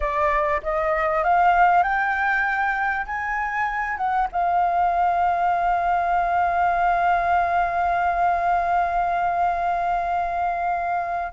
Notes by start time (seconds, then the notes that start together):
0.00 D5
0.63 D#5
1.23 F5
1.83 G5
3.06 G#5
3.97 F#5
4.32 F5